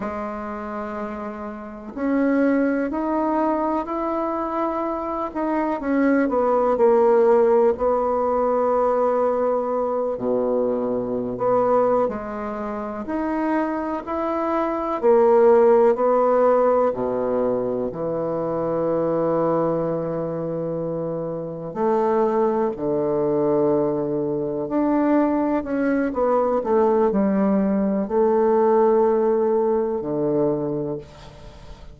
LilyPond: \new Staff \with { instrumentName = "bassoon" } { \time 4/4 \tempo 4 = 62 gis2 cis'4 dis'4 | e'4. dis'8 cis'8 b8 ais4 | b2~ b8 b,4~ b,16 b16~ | b8 gis4 dis'4 e'4 ais8~ |
ais8 b4 b,4 e4.~ | e2~ e8 a4 d8~ | d4. d'4 cis'8 b8 a8 | g4 a2 d4 | }